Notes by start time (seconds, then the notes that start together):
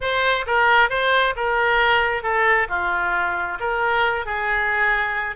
0.00 C5
0.46 A#4
0.89 C5
1.36 A#4
2.22 A4
2.68 F4
3.60 A#4
4.25 G#4